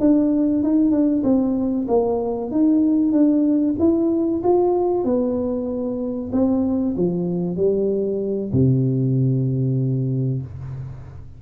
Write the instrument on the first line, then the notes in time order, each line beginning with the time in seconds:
tuba
0.00 D4
0.63 D#4
0.91 D4
1.24 C4
1.88 A#3
2.51 D#4
3.12 D4
3.79 E4
4.44 F4
5.04 B3
6.32 C4
6.97 F3
7.56 G3
8.53 C3